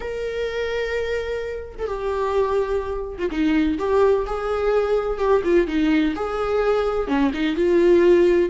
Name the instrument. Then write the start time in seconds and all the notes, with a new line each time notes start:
viola
0.00 A#4
1.78 A4
1.87 G4
3.18 F4
3.30 D#4
3.78 G4
4.26 G#4
5.18 G4
5.44 F4
5.67 D#4
6.15 G#4
7.07 C#4
7.33 D#4
7.55 F4